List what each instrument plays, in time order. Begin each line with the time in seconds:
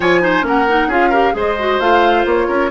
0.00 bassoon F3, clarinet F4, oboe C#5, flute G#5
0.21 clarinet D#4, oboe C5
0.42 bassoon A#3, clarinet C#4, oboe A#4, flute F#5
0.68 clarinet D#4
0.87 bassoon C#4, clarinet F4, oboe G#4, flute F5
1.09 clarinet G4, oboe A#4
1.32 bassoon G#3, clarinet G#4, oboe C5, flute D#5
1.58 clarinet F#4
1.79 bassoon A3, clarinet F4, flute F5
2.25 bassoon A#3, flute C#5
2.47 bassoon C#4, oboe A#4